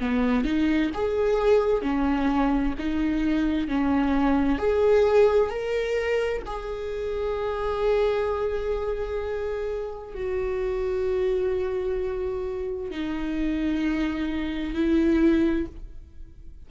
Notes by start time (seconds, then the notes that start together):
0.00 B3
0.45 D#4
0.94 G#4
1.82 C#4
2.79 D#4
3.68 C#4
4.58 G#4
5.50 A#4
6.46 G#4
10.15 F#4
12.91 D#4
14.74 E4